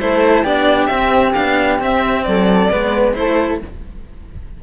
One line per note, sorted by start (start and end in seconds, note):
0.00 0.44 A3
0.00 0.45 E4
0.00 0.44 A4
0.00 0.45 C5
0.44 0.89 B3
0.44 0.90 D4
0.44 2.24 G4
0.44 0.87 D5
0.87 1.35 C4
0.87 1.32 E5
1.34 1.82 B3
1.34 1.79 D4
1.34 1.79 F5
1.79 2.69 C4
1.79 2.27 C4
1.79 2.24 E5
2.24 2.73 F#3
2.24 2.70 A4
2.24 3.14 D5
2.70 3.16 G#3
2.70 3.14 B3
2.70 3.16 B4
3.14 3.62 A3
3.14 3.59 E4
3.14 3.64 A4
3.14 3.60 C5